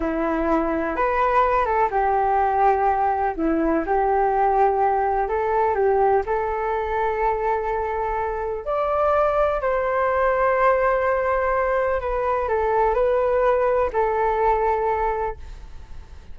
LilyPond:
\new Staff \with { instrumentName = "flute" } { \time 4/4 \tempo 4 = 125 e'2 b'4. a'8 | g'2. e'4 | g'2. a'4 | g'4 a'2.~ |
a'2 d''2 | c''1~ | c''4 b'4 a'4 b'4~ | b'4 a'2. | }